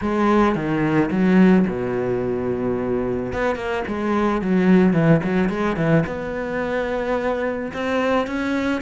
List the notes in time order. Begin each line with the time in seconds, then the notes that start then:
0.01 G#3
0.55 D#3
1.10 F#3
1.67 B2
3.32 B3
3.55 A#3
3.87 G#3
4.41 F#3
4.93 E3
5.23 F#3
5.49 G#3
5.76 E3
6.06 B3
7.73 C4
8.26 C#4